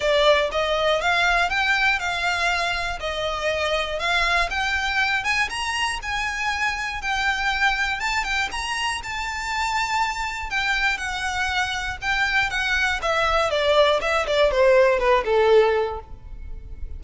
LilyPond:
\new Staff \with { instrumentName = "violin" } { \time 4/4 \tempo 4 = 120 d''4 dis''4 f''4 g''4 | f''2 dis''2 | f''4 g''4. gis''8 ais''4 | gis''2 g''2 |
a''8 g''8 ais''4 a''2~ | a''4 g''4 fis''2 | g''4 fis''4 e''4 d''4 | e''8 d''8 c''4 b'8 a'4. | }